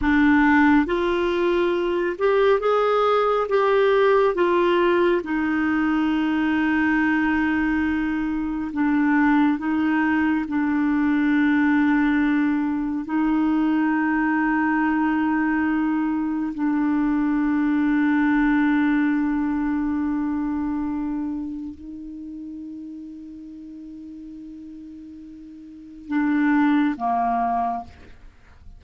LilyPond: \new Staff \with { instrumentName = "clarinet" } { \time 4/4 \tempo 4 = 69 d'4 f'4. g'8 gis'4 | g'4 f'4 dis'2~ | dis'2 d'4 dis'4 | d'2. dis'4~ |
dis'2. d'4~ | d'1~ | d'4 dis'2.~ | dis'2 d'4 ais4 | }